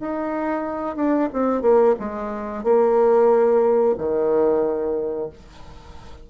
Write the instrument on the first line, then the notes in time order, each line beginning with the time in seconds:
bassoon
0.00 D#4
0.96 D4
1.33 C4
1.62 A#3
1.99 G#3
2.63 A#3
3.98 D#3